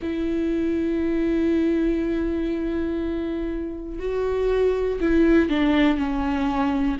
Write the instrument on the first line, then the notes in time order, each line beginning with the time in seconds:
viola
0.02 E4
3.99 F#4
5.00 E4
5.49 D4
5.97 C#4